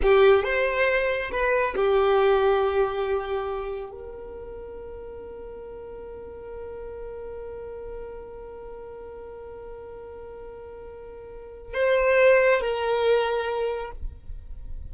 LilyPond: \new Staff \with { instrumentName = "violin" } { \time 4/4 \tempo 4 = 138 g'4 c''2 b'4 | g'1~ | g'4 ais'2.~ | ais'1~ |
ais'1~ | ais'1~ | ais'2. c''4~ | c''4 ais'2. | }